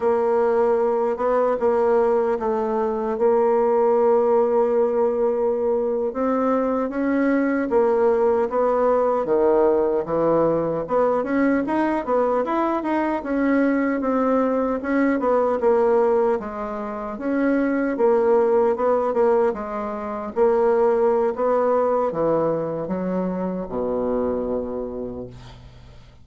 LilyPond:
\new Staff \with { instrumentName = "bassoon" } { \time 4/4 \tempo 4 = 76 ais4. b8 ais4 a4 | ais2.~ ais8. c'16~ | c'8. cis'4 ais4 b4 dis16~ | dis8. e4 b8 cis'8 dis'8 b8 e'16~ |
e'16 dis'8 cis'4 c'4 cis'8 b8 ais16~ | ais8. gis4 cis'4 ais4 b16~ | b16 ais8 gis4 ais4~ ais16 b4 | e4 fis4 b,2 | }